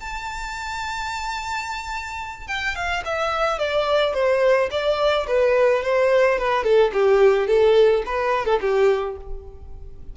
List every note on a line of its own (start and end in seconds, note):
0.00 2.47 A5
2.47 2.75 G5
2.75 3.03 F5
3.05 3.58 E5
3.58 4.13 D5
4.13 4.69 C5
4.70 5.26 D5
5.27 5.83 B4
5.83 6.38 C5
6.38 6.63 B4
6.63 6.91 A4
6.93 7.47 G4
7.47 8.03 A4
8.06 8.45 B4
8.45 8.59 A4
8.61 9.16 G4